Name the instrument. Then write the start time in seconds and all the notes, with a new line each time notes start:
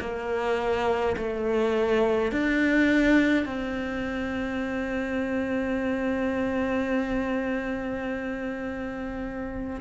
cello
0.00 A#3
1.17 A3
2.31 D4
3.45 C4